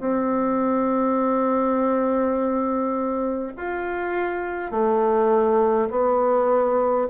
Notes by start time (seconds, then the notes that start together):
0.00 C4
3.57 F4
4.71 A3
5.91 B3